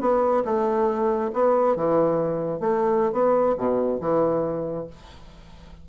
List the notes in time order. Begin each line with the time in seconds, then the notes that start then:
0.00 B3
0.45 A3
1.33 B3
1.75 E3
2.60 A3
3.12 B3
3.57 B2
4.00 E3